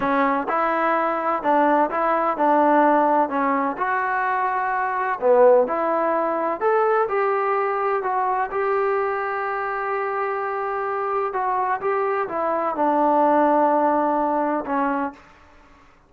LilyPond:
\new Staff \with { instrumentName = "trombone" } { \time 4/4 \tempo 4 = 127 cis'4 e'2 d'4 | e'4 d'2 cis'4 | fis'2. b4 | e'2 a'4 g'4~ |
g'4 fis'4 g'2~ | g'1 | fis'4 g'4 e'4 d'4~ | d'2. cis'4 | }